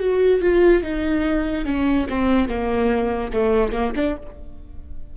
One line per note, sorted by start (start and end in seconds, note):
0.00 0.41 F#4
0.41 0.83 F4
0.83 1.66 D#4
1.66 2.07 C#4
2.10 2.49 C4
2.49 3.32 A#3
3.33 3.72 A3
3.72 3.93 A#3
3.96 4.17 D4